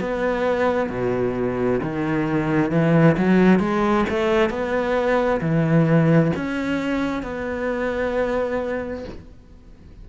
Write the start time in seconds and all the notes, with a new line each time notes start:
0.00 B3
0.89 B2
1.83 D#3
2.71 E3
3.18 F#3
3.60 G#3
4.10 A3
4.50 B3
5.41 E3
6.36 C#4
7.23 B3